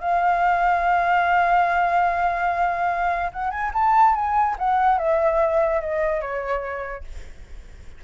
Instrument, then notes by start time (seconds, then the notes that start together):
flute
0.00 F5
3.33 F#5
3.51 G#5
3.73 A5
4.15 G#5
4.58 F#5
4.98 E5
5.80 D#5
6.21 C#5